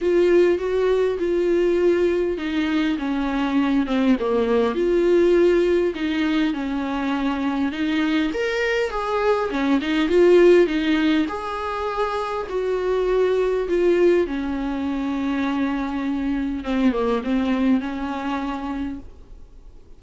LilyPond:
\new Staff \with { instrumentName = "viola" } { \time 4/4 \tempo 4 = 101 f'4 fis'4 f'2 | dis'4 cis'4. c'8 ais4 | f'2 dis'4 cis'4~ | cis'4 dis'4 ais'4 gis'4 |
cis'8 dis'8 f'4 dis'4 gis'4~ | gis'4 fis'2 f'4 | cis'1 | c'8 ais8 c'4 cis'2 | }